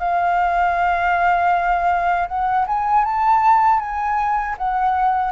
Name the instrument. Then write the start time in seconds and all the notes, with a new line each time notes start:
flute
0.00 F5
2.28 F#5
2.67 G#5
3.05 A5
3.80 G#5
4.58 F#5